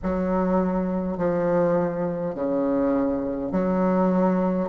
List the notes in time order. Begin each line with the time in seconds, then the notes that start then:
0.02 F#3
1.17 F3
2.35 C#3
3.52 F#3